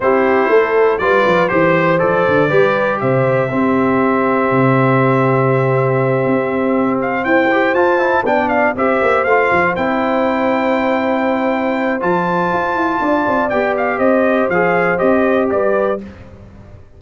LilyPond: <<
  \new Staff \with { instrumentName = "trumpet" } { \time 4/4 \tempo 4 = 120 c''2 d''4 c''4 | d''2 e''2~ | e''1~ | e''2 f''8 g''4 a''8~ |
a''8 g''8 f''8 e''4 f''4 g''8~ | g''1 | a''2. g''8 f''8 | dis''4 f''4 dis''4 d''4 | }
  \new Staff \with { instrumentName = "horn" } { \time 4/4 g'4 a'4 b'4 c''4~ | c''4 b'4 c''4 g'4~ | g'1~ | g'2~ g'8 c''4.~ |
c''8 d''4 c''2~ c''8~ | c''1~ | c''2 d''2 | c''2. b'4 | }
  \new Staff \with { instrumentName = "trombone" } { \time 4/4 e'2 f'4 g'4 | a'4 g'2 c'4~ | c'1~ | c'2. g'8 f'8 |
e'8 d'4 g'4 f'4 e'8~ | e'1 | f'2. g'4~ | g'4 gis'4 g'2 | }
  \new Staff \with { instrumentName = "tuba" } { \time 4/4 c'4 a4 g8 f8 e4 | f8 d8 g4 c4 c'4~ | c'4 c2.~ | c8 c'2 e'4 f'8~ |
f'8 b4 c'8 ais8 a8 f8 c'8~ | c'1 | f4 f'8 e'8 d'8 c'8 b4 | c'4 f4 c'4 g4 | }
>>